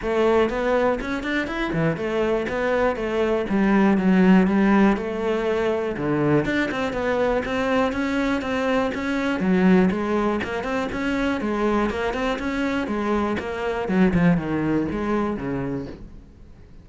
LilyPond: \new Staff \with { instrumentName = "cello" } { \time 4/4 \tempo 4 = 121 a4 b4 cis'8 d'8 e'8 e8 | a4 b4 a4 g4 | fis4 g4 a2 | d4 d'8 c'8 b4 c'4 |
cis'4 c'4 cis'4 fis4 | gis4 ais8 c'8 cis'4 gis4 | ais8 c'8 cis'4 gis4 ais4 | fis8 f8 dis4 gis4 cis4 | }